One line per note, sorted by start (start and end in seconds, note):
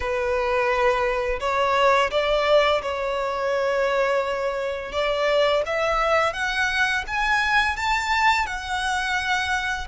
0.00 1.39 B4
1.39 2.10 C#5
2.10 2.81 D5
2.81 4.92 C#5
4.92 5.62 D5
5.66 6.33 E5
6.33 7.04 F#5
7.07 7.76 G#5
7.76 8.46 A5
8.46 9.87 F#5